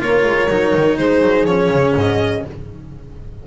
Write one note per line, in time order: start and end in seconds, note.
0.00 0.24 A#3
0.00 0.49 F4
0.00 1.01 A#4
0.00 0.98 C#5
0.24 0.49 G#3
0.50 0.74 F#3
0.50 1.48 D#4
0.76 0.98 D#3
0.98 1.22 G#3
0.98 2.47 G#4
0.98 1.46 C5
1.22 1.45 F#3
1.45 1.70 F3
1.45 2.46 C#4
1.45 1.95 C#5
1.71 1.95 C#3
1.96 2.44 G#2
1.96 2.47 D#5